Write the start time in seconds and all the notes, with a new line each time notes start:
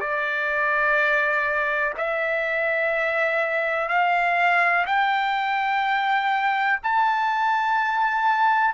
0.00 D5
1.97 E5
3.88 F5
4.86 G5
6.83 A5